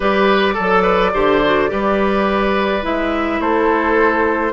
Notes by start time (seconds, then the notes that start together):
0.00 G3 G4 B4 D5
0.54 F#3 A4
0.82 B4
1.13 D3 G4 C5
1.44 F#4
1.68 G3 G4 B4
2.82 G#3 E4 E5
3.40 A3 A4 C5